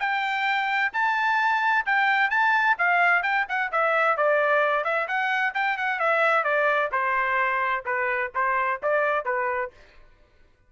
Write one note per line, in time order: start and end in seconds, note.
0.00 0.92 G5
0.93 1.86 A5
1.86 2.31 G5
2.31 2.77 A5
2.78 3.23 F5
3.23 3.46 G5
3.49 3.72 F#5
3.72 4.17 E5
4.17 4.84 D5
4.84 5.07 E5
5.08 5.54 F#5
5.54 5.78 G5
5.78 5.99 F#5
5.99 6.44 E5
6.44 6.90 D5
6.92 7.84 C5
7.85 8.32 B4
8.35 8.81 C5
8.83 9.25 D5
9.25 9.71 B4